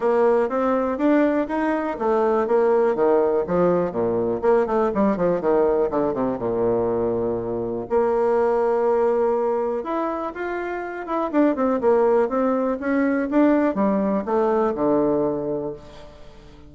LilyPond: \new Staff \with { instrumentName = "bassoon" } { \time 4/4 \tempo 4 = 122 ais4 c'4 d'4 dis'4 | a4 ais4 dis4 f4 | ais,4 ais8 a8 g8 f8 dis4 | d8 c8 ais,2. |
ais1 | e'4 f'4. e'8 d'8 c'8 | ais4 c'4 cis'4 d'4 | g4 a4 d2 | }